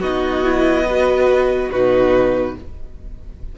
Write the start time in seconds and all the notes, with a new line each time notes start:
0.00 B3 D#4 F#4 D#5
0.44 E4
0.86 F#4 B4
1.70 B2 D#4 F#4 B4